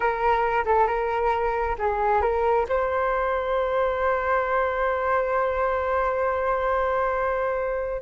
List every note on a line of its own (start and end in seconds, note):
0.00 0.64 A#4
0.65 0.87 A4
0.87 1.76 A#4
1.78 2.21 G#4
2.21 2.66 A#4
2.68 8.01 C5